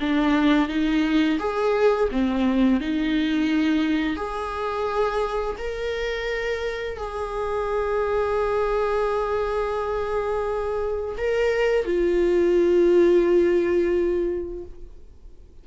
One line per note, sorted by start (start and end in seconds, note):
0.00 0.69 D4
0.69 1.39 D#4
1.39 2.09 G#4
2.11 2.80 C4
2.80 4.16 D#4
4.16 5.56 G#4
5.58 6.97 A#4
6.97 11.16 G#4
11.18 11.85 A#4
11.85 14.64 F4